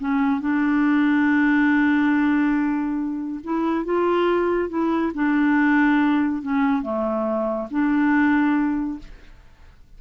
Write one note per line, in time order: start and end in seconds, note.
0.00 0.41 C#4
0.41 3.41 D4
3.44 3.85 E4
3.85 4.70 F4
4.70 5.13 E4
5.14 6.43 D4
6.43 6.82 C#4
6.82 7.68 A3
7.71 8.99 D4